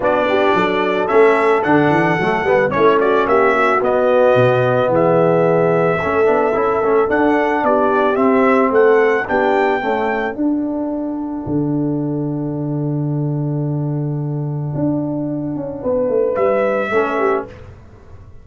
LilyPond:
<<
  \new Staff \with { instrumentName = "trumpet" } { \time 4/4 \tempo 4 = 110 d''2 e''4 fis''4~ | fis''4 cis''8 d''8 e''4 dis''4~ | dis''4 e''2.~ | e''4 fis''4 d''4 e''4 |
fis''4 g''2 fis''4~ | fis''1~ | fis''1~ | fis''2 e''2 | }
  \new Staff \with { instrumentName = "horn" } { \time 4/4 fis'8 g'8 a'2.~ | a'4 e'8 fis'8 g'8 fis'4.~ | fis'4 gis'2 a'4~ | a'2 g'2 |
a'4 g'4 a'2~ | a'1~ | a'1~ | a'4 b'2 a'8 g'8 | }
  \new Staff \with { instrumentName = "trombone" } { \time 4/4 d'2 cis'4 d'4 | a8 b8 cis'2 b4~ | b2. cis'8 d'8 | e'8 cis'8 d'2 c'4~ |
c'4 d'4 a4 d'4~ | d'1~ | d'1~ | d'2. cis'4 | }
  \new Staff \with { instrumentName = "tuba" } { \time 4/4 b4 fis4 a4 d8 e8 | fis8 g8 a4 ais4 b4 | b,4 e2 a8 b8 | cis'8 a8 d'4 b4 c'4 |
a4 b4 cis'4 d'4~ | d'4 d2.~ | d2. d'4~ | d'8 cis'8 b8 a8 g4 a4 | }
>>